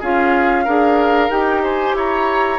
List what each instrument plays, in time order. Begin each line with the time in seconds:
0.00 bassoon C#4, clarinet F4, oboe G#4, flute F5
0.64 bassoon D4, clarinet G#4, oboe A#4
1.30 bassoon D#4, clarinet G4, flute G5
1.63 oboe C5, flute G#5
1.94 bassoon E4, oboe C#5, flute A#5